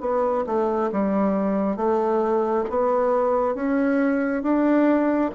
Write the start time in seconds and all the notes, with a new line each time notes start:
0.00 B3
0.46 A3
0.92 G3
1.76 A3
2.69 B3
3.55 C#4
4.42 D4